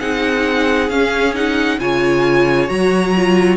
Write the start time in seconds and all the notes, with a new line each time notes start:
0.00 C4 D#4 G#4 F#5
0.89 C#4 F5
1.35 D#4 F#5
1.80 C#3 F4 C#5 G#5
2.68 F#3 F#4 A#5
3.17 F4